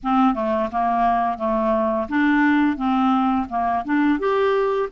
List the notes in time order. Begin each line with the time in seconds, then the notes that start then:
0.03 C4
0.34 A3
0.71 A#3
1.38 A3
2.09 D4
2.77 C4
3.49 A#3
3.84 D4
4.19 G4